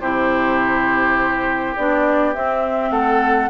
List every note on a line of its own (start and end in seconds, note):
0.00 1.75 C3
0.00 1.76 E4
0.00 2.91 G4
0.00 1.75 C5
1.76 2.35 B3
1.76 2.34 D4
1.76 2.34 D5
2.34 3.49 C4
2.34 2.90 C4
2.34 2.91 E5
2.90 3.49 A3
2.90 3.49 A4
2.90 3.49 F#5